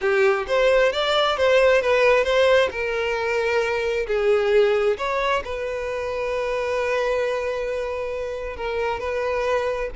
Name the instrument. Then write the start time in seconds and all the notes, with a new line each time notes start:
violin
0.01 G4
0.47 C5
0.92 D5
1.37 C5
1.81 B4
2.24 C5
2.71 A#4
4.07 G#4
4.97 C#5
5.44 B4
8.56 A#4
8.99 B4